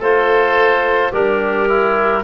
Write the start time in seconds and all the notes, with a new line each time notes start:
0.00 A3 F4 A4 C5
1.12 G3 D4 G4 A#4
1.69 E4